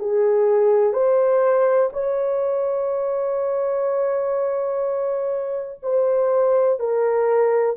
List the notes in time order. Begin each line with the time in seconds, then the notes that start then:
0.00 G#4
0.93 C5
1.93 C#5
5.83 C5
6.80 A#4